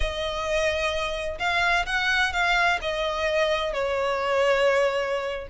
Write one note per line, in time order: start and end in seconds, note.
0.00 1.38 D#5
1.39 1.85 F5
1.86 2.32 F#5
2.32 2.79 F5
2.81 3.73 D#5
3.73 5.47 C#5